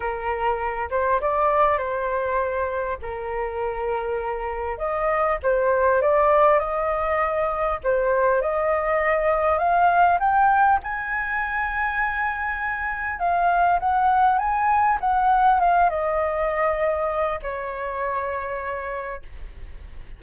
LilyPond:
\new Staff \with { instrumentName = "flute" } { \time 4/4 \tempo 4 = 100 ais'4. c''8 d''4 c''4~ | c''4 ais'2. | dis''4 c''4 d''4 dis''4~ | dis''4 c''4 dis''2 |
f''4 g''4 gis''2~ | gis''2 f''4 fis''4 | gis''4 fis''4 f''8 dis''4.~ | dis''4 cis''2. | }